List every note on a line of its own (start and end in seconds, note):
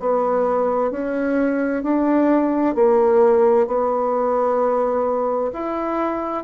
0.00 0.91 B3
0.91 1.83 C#4
1.83 2.75 D4
2.75 3.67 A#3
3.67 5.52 B3
5.53 6.44 E4